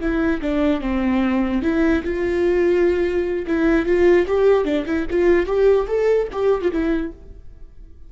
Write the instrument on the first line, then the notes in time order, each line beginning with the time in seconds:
viola
0.00 E4
0.41 D4
0.81 C4
1.62 E4
2.04 F4
3.47 E4
3.85 F4
4.27 G4
4.64 D4
4.85 E4
5.10 F4
5.46 G4
5.87 A4
6.32 G4
6.61 F4
6.71 E4